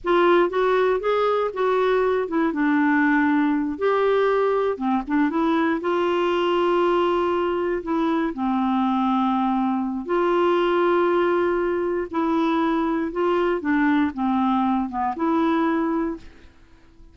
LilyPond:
\new Staff \with { instrumentName = "clarinet" } { \time 4/4 \tempo 4 = 119 f'4 fis'4 gis'4 fis'4~ | fis'8 e'8 d'2~ d'8 g'8~ | g'4. c'8 d'8 e'4 f'8~ | f'2.~ f'8 e'8~ |
e'8 c'2.~ c'8 | f'1 | e'2 f'4 d'4 | c'4. b8 e'2 | }